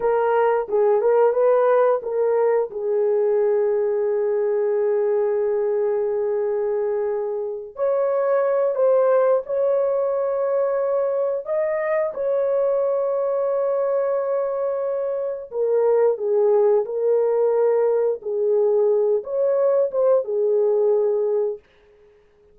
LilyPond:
\new Staff \with { instrumentName = "horn" } { \time 4/4 \tempo 4 = 89 ais'4 gis'8 ais'8 b'4 ais'4 | gis'1~ | gis'2.~ gis'8 cis''8~ | cis''4 c''4 cis''2~ |
cis''4 dis''4 cis''2~ | cis''2. ais'4 | gis'4 ais'2 gis'4~ | gis'8 cis''4 c''8 gis'2 | }